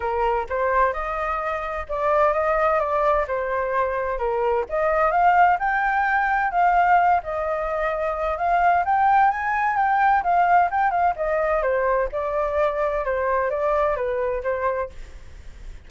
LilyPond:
\new Staff \with { instrumentName = "flute" } { \time 4/4 \tempo 4 = 129 ais'4 c''4 dis''2 | d''4 dis''4 d''4 c''4~ | c''4 ais'4 dis''4 f''4 | g''2 f''4. dis''8~ |
dis''2 f''4 g''4 | gis''4 g''4 f''4 g''8 f''8 | dis''4 c''4 d''2 | c''4 d''4 b'4 c''4 | }